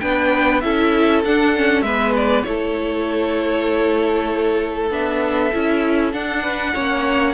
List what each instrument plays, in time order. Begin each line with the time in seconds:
0.00 cello B3, viola D4, violin B4 G5
0.61 cello C#4, viola E4, violin A4 E5
1.25 cello D4, viola D4, violin F#5
1.55 viola C#4
1.82 cello G#3, viola B3, violin B4 E5
2.16 violin D5
2.43 cello A3, viola E4, violin A4 C#5
4.91 cello B3, viola D4, violin E5
5.53 cello C#4, viola E4
6.13 viola D4, cello D4, violin F#5
6.42 violin B4
6.74 cello A#3, viola C#4, violin C#5